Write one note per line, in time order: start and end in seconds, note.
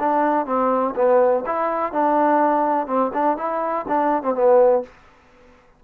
0.00 0.46 D4
0.46 0.95 C4
0.96 1.45 B3
1.46 1.93 E4
1.93 2.87 D4
2.87 3.11 C4
3.14 3.38 D4
3.38 3.86 E4
3.88 4.23 D4
4.23 4.35 C4
4.35 4.83 B3